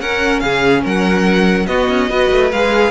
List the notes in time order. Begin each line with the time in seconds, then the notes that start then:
0.00 C#4 A#4 F#5
0.39 C#3 G#4 F5
0.83 F#3 A#4 F#5
1.66 B3 F#4 D#5
1.89 C#4
2.09 B3 F#4 B4
2.31 A3
2.52 G#3 G#4 F5